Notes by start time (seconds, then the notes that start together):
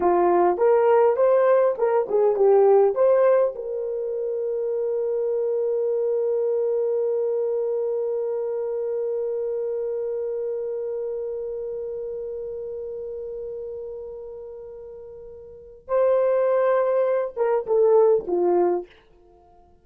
0.00 F4
0.57 A#4
1.16 C5
1.78 A#4
2.08 G#4
2.36 G4
2.94 C5
3.55 A#4
15.87 C5
17.36 A#4
17.66 A4
18.27 F4